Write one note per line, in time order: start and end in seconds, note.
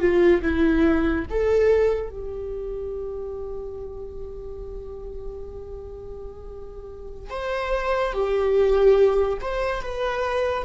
0.00 0.42 F4
0.42 1.25 E4
1.30 2.10 A4
2.10 7.30 G4
7.30 8.13 C5
8.13 9.38 G4
9.41 9.81 C5
9.81 10.65 B4